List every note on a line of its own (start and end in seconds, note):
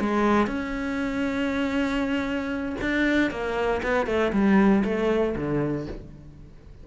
0.00 0.46 G#3
0.46 2.75 C#4
2.81 3.31 D4
3.31 3.82 A#3
3.83 4.06 B3
4.06 4.32 A3
4.33 4.84 G3
4.84 5.35 A3
5.36 5.87 D3